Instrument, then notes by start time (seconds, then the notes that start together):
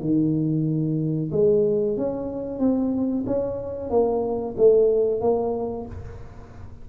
tuba
0.00 D#3
1.31 G#3
1.97 C#4
2.59 C4
3.26 C#4
3.90 A#3
4.57 A3
5.21 A#3